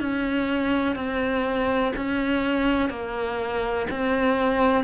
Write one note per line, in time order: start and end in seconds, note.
0.00 0.95 C#4
0.95 1.92 C4
1.96 2.89 C#4
2.89 3.86 A#3
3.90 4.84 C4